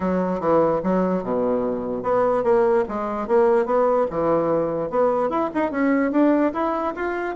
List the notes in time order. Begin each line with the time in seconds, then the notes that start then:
0.00 F#3
0.40 E3
0.83 F#3
1.23 B2
2.02 B3
2.43 A#3
2.88 G#3
3.27 A#3
3.65 B3
4.10 E3
4.90 B3
5.29 E4
5.54 D#4
5.71 C#4
6.11 D4
6.53 E4
6.95 F4